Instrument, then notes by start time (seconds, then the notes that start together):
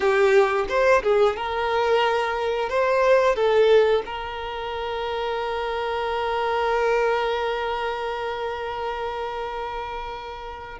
violin
0.00 G4
0.68 C5
1.02 G#4
1.36 A#4
2.69 C5
3.35 A4
4.05 A#4